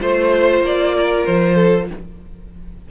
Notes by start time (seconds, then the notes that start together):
0.00 A3 F4 C5
0.61 A#3 D5
0.96 A#4
1.26 F3 C5
1.55 A4